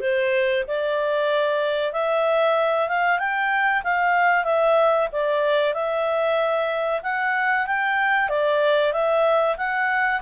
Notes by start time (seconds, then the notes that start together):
0.00 C5
0.67 D5
1.93 E5
2.89 F5
3.19 G5
3.84 F5
4.44 E5
5.12 D5
5.74 E5
7.02 F#5
7.67 G5
8.29 D5
8.92 E5
9.57 F#5